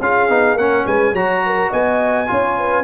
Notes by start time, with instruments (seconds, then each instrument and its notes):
0.00 tuba C#4, trombone F4, horn G#4, trumpet F5
0.29 tuba B3, trombone D#4
0.54 tuba A#3, trombone C#4, trumpet F#5
0.60 horn A#4
0.85 tuba G#3, horn B4, trumpet G#5
1.12 tuba F#3, trombone F#4, horn C#5, trumpet A#5
1.45 horn A#4
1.70 tuba B3, horn D#5, trumpet G#5
2.27 tuba C#4, trombone F4, horn C#5
2.58 horn B4